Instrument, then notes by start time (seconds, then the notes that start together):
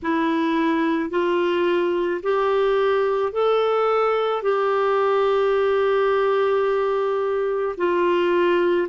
clarinet
0.02 E4
1.10 F4
2.22 G4
3.32 A4
4.42 G4
7.77 F4